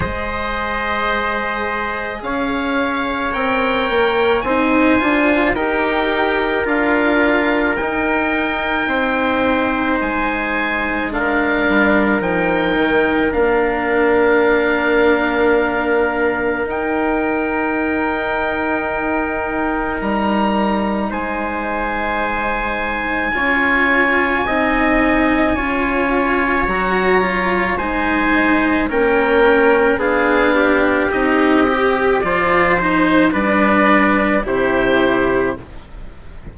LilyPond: <<
  \new Staff \with { instrumentName = "oboe" } { \time 4/4 \tempo 4 = 54 dis''2 f''4 g''4 | gis''4 g''4 f''4 g''4~ | g''4 gis''4 f''4 g''4 | f''2. g''4~ |
g''2 ais''4 gis''4~ | gis''1 | ais''4 gis''4 g''4 f''4 | dis''4 d''8 c''8 d''4 c''4 | }
  \new Staff \with { instrumentName = "trumpet" } { \time 4/4 c''2 cis''2 | c''4 ais'2. | c''2 ais'2~ | ais'1~ |
ais'2. c''4~ | c''4 cis''4 dis''4 cis''4~ | cis''4 c''4 ais'4 gis'8 g'8~ | g'4 c''4 b'4 g'4 | }
  \new Staff \with { instrumentName = "cello" } { \time 4/4 gis'2. ais'4 | dis'8 f'8 g'4 f'4 dis'4~ | dis'2 d'4 dis'4 | d'2. dis'4~ |
dis'1~ | dis'4 f'4 dis'4 f'4 | fis'8 f'8 dis'4 cis'4 d'4 | dis'8 g'8 f'8 dis'8 d'4 e'4 | }
  \new Staff \with { instrumentName = "bassoon" } { \time 4/4 gis2 cis'4 c'8 ais8 | c'8 d'8 dis'4 d'4 dis'4 | c'4 gis4. g8 f8 dis8 | ais2. dis'4~ |
dis'2 g4 gis4~ | gis4 cis'4 c'4 cis'4 | fis4 gis4 ais4 b4 | c'4 f4 g4 c4 | }
>>